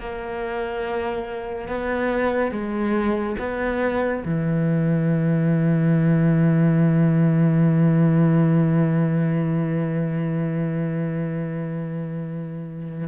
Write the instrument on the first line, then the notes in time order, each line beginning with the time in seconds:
cello
0.00 A#3
1.69 B3
2.52 G#3
3.39 B3
4.25 E3